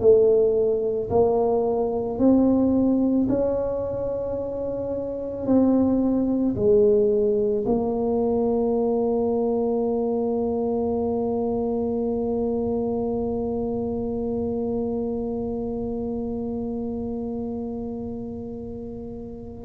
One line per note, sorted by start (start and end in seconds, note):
0.00 1.09 A3
1.10 2.18 A#3
2.18 3.27 C4
3.28 5.46 C#4
5.46 6.55 C4
6.55 7.64 G#3
7.65 19.65 A#3